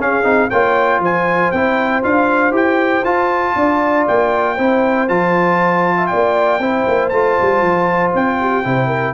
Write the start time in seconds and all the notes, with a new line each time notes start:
0.00 C#4 G#4 F5
0.24 C4 D#4
0.49 A#3 F4 C#5 G5
1.00 F3 C5 G#5
1.52 C4 E4 G5
2.03 D4 F4 F5
2.52 E4 G4 G5
3.04 F4 A5
3.56 D4 D5
4.08 A#3 G5
4.56 C4 E4 C5
5.09 F3 F4 A5
5.97 E5
6.07 D5 G5
6.14 A#3
6.59 C4 E4 C5
6.88 A#3
7.10 A3 F4 A5
7.42 G3
7.62 F3
8.15 C4 G5
8.40 G4
8.64 C3 E4 C5
8.87 A#4